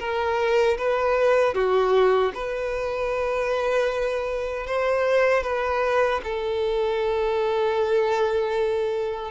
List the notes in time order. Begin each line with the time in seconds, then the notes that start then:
0.00 A#4
0.78 B4
1.55 F#4
2.34 B4
4.67 C5
5.43 B4
6.24 A4